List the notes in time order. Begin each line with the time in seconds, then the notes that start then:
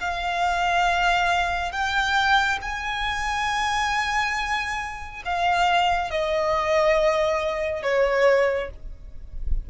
0.00 F5
1.72 G5
2.61 G#5
5.25 F5
6.10 D#5
7.82 C#5